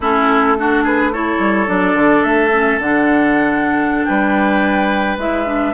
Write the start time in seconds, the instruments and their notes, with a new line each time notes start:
0.00 bassoon A3, clarinet C#4, oboe E4, flute A4
0.58 clarinet D4, oboe F#4
0.83 oboe G#4, flute B4
1.12 clarinet E4, oboe A4, flute C#5
1.38 bassoon G3
1.66 bassoon F#3, clarinet D4, flute D5
1.94 bassoon D3
2.23 bassoon A3, flute E5
2.52 clarinet C#4
2.79 bassoon D3, clarinet D4, flute F#5
4.04 bassoon G3, oboe B4, flute G5
5.17 bassoon G#3, clarinet E4, flute E5
5.46 clarinet D4